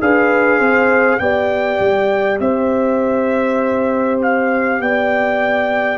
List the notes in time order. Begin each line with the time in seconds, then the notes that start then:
0.00 D4 G#4 B4 F5
0.58 C4 C5
1.19 B3 G4 D5 G5
1.80 G3
2.39 C4 C5 E5
4.22 F5
4.79 B3 D5 G5